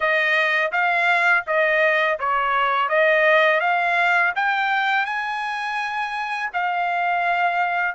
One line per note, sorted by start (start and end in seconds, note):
0.00 0.71 D#5
0.72 1.44 F5
1.46 2.19 D#5
2.19 2.88 C#5
2.88 3.60 D#5
3.60 4.32 F5
4.35 5.05 G5
5.05 6.50 G#5
6.53 7.95 F5